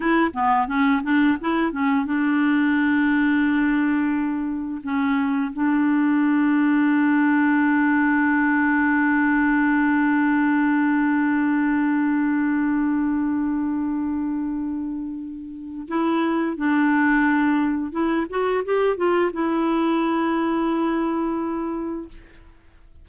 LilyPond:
\new Staff \with { instrumentName = "clarinet" } { \time 4/4 \tempo 4 = 87 e'8 b8 cis'8 d'8 e'8 cis'8 d'4~ | d'2. cis'4 | d'1~ | d'1~ |
d'1~ | d'2. e'4 | d'2 e'8 fis'8 g'8 f'8 | e'1 | }